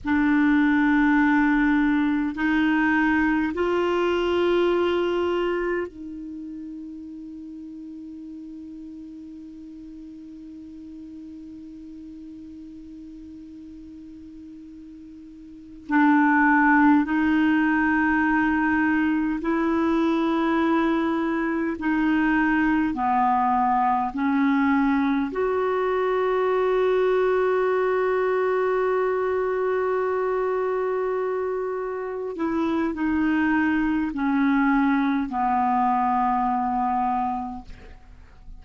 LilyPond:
\new Staff \with { instrumentName = "clarinet" } { \time 4/4 \tempo 4 = 51 d'2 dis'4 f'4~ | f'4 dis'2.~ | dis'1~ | dis'4. d'4 dis'4.~ |
dis'8 e'2 dis'4 b8~ | b8 cis'4 fis'2~ fis'8~ | fis'2.~ fis'8 e'8 | dis'4 cis'4 b2 | }